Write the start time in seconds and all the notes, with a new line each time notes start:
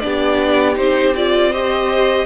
0.00 B3 D4 G4 D5
0.75 C4 D#4 C5
1.16 F4 D5
1.50 G4 C5 D#5